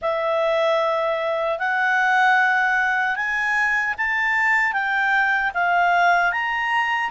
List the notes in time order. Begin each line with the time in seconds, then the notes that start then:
0.01 E5
1.59 F#5
3.16 G#5
3.97 A5
4.72 G5
5.54 F5
6.32 A#5